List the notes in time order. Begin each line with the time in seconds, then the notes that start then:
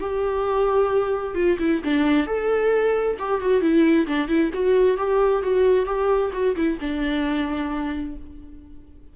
0.00 G4
1.35 F4
1.59 E4
1.84 D4
2.27 A4
3.19 G4
3.41 F#4
3.62 E4
4.07 D4
4.28 E4
4.54 F#4
4.97 G4
5.43 F#4
5.86 G4
6.33 F#4
6.56 E4
6.80 D4